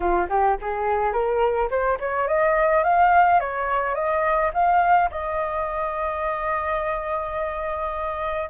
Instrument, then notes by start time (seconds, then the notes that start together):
flute
0.00 F4
0.29 G4
0.61 G#4
1.12 A#4
1.70 C5
1.99 C#5
2.27 D#5
2.83 F5
3.40 C#5
3.94 D#5
4.53 F5
5.10 D#5